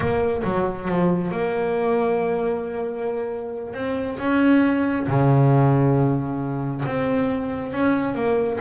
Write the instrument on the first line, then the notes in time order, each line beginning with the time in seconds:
double bass
0.00 A#3
0.44 F#3
0.88 F3
1.31 A#3
3.73 C4
4.18 C#4
5.07 C#3
6.85 C4
7.72 C#4
8.14 A#3